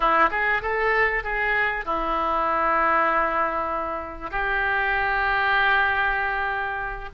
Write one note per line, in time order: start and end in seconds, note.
0.00 0.29 E4
0.31 0.62 G#4
0.62 1.23 A4
1.23 1.85 G#4
1.85 4.30 E4
4.30 7.09 G4